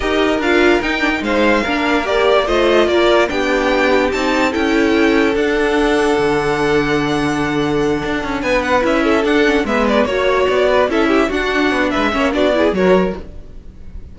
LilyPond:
<<
  \new Staff \with { instrumentName = "violin" } { \time 4/4 \tempo 4 = 146 dis''4 f''4 g''4 f''4~ | f''4 d''4 dis''4 d''4 | g''2 a''4 g''4~ | g''4 fis''2.~ |
fis''1~ | fis''8 gis''8 fis''8 e''4 fis''4 e''8 | d''8 cis''4 d''4 e''4 fis''8~ | fis''4 e''4 d''4 cis''4 | }
  \new Staff \with { instrumentName = "violin" } { \time 4/4 ais'2. c''4 | ais'2 c''4 ais'4 | g'2. a'4~ | a'1~ |
a'1~ | a'8 b'4. a'4. b'8~ | b'8 cis''4. b'8 a'8 g'8 fis'8~ | fis'4 b'8 cis''8 fis'8 gis'8 ais'4 | }
  \new Staff \with { instrumentName = "viola" } { \time 4/4 g'4 f'4 dis'8 d'16 dis'4~ dis'16 | d'4 g'4 f'2 | d'2 dis'4 e'4~ | e'4 d'2.~ |
d'1~ | d'4. e'4 d'8 cis'8 b8~ | b8 fis'2 e'4 d'8~ | d'4. cis'8 d'8 e'8 fis'4 | }
  \new Staff \with { instrumentName = "cello" } { \time 4/4 dis'4 d'4 dis'4 gis4 | ais2 a4 ais4 | b2 c'4 cis'4~ | cis'4 d'2 d4~ |
d2.~ d8 d'8 | cis'8 b4 cis'4 d'4 gis8~ | gis8 ais4 b4 cis'4 d'8~ | d'8 b8 gis8 ais8 b4 fis4 | }
>>